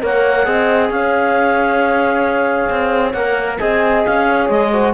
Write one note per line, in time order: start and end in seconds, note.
0.00 0.47 A#3
0.00 0.45 A#4
0.00 0.46 C#5
0.00 0.91 F#5
0.45 0.90 C4
0.45 3.13 G#4
0.45 0.91 D#5
0.90 2.69 C#4
0.90 3.59 C#5
0.90 3.11 F5
2.69 3.13 C4
3.11 3.58 A#3
3.11 3.60 A#4
3.11 3.56 F#5
3.58 4.06 C4
3.58 4.72 G#4
3.58 4.26 D#5
3.58 4.03 G#5
4.05 4.49 C#4
4.05 4.49 F5
4.29 4.72 C#5
4.49 4.94 G#3
4.49 4.94 D#5
4.72 4.94 F#4
4.72 4.94 C5